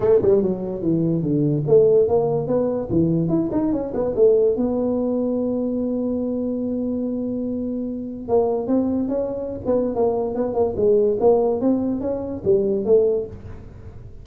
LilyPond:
\new Staff \with { instrumentName = "tuba" } { \time 4/4 \tempo 4 = 145 a8 g8 fis4 e4 d4 | a4 ais4 b4 e4 | e'8 dis'8 cis'8 b8 a4 b4~ | b1~ |
b1 | ais4 c'4 cis'4~ cis'16 b8. | ais4 b8 ais8 gis4 ais4 | c'4 cis'4 g4 a4 | }